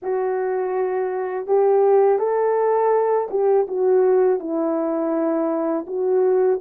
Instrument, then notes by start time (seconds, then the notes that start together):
horn
0.02 F#4
1.46 G4
2.18 A4
3.30 G4
3.67 F#4
4.39 E4
5.86 F#4